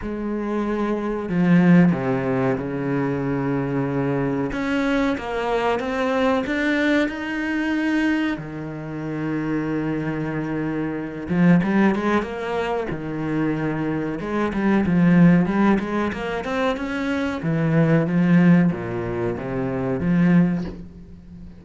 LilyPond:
\new Staff \with { instrumentName = "cello" } { \time 4/4 \tempo 4 = 93 gis2 f4 c4 | cis2. cis'4 | ais4 c'4 d'4 dis'4~ | dis'4 dis2.~ |
dis4. f8 g8 gis8 ais4 | dis2 gis8 g8 f4 | g8 gis8 ais8 c'8 cis'4 e4 | f4 ais,4 c4 f4 | }